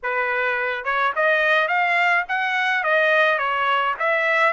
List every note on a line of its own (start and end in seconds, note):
0.03 0.84 B4
0.84 1.12 C#5
1.15 1.68 D#5
1.68 2.24 F5
2.28 2.83 F#5
2.83 3.38 D#5
3.38 3.94 C#5
3.99 4.52 E5